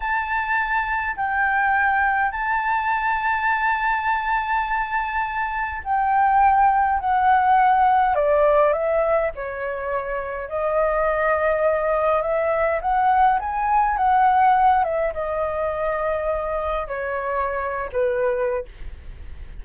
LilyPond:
\new Staff \with { instrumentName = "flute" } { \time 4/4 \tempo 4 = 103 a''2 g''2 | a''1~ | a''2 g''2 | fis''2 d''4 e''4 |
cis''2 dis''2~ | dis''4 e''4 fis''4 gis''4 | fis''4. e''8 dis''2~ | dis''4 cis''4.~ cis''16 b'4~ b'16 | }